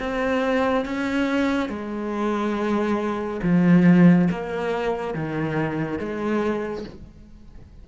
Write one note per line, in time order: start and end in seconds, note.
0.00 0.86 C4
0.86 1.69 C#4
1.69 3.41 G#3
3.43 4.29 F3
4.31 5.14 A#3
5.14 5.99 D#3
5.99 6.85 G#3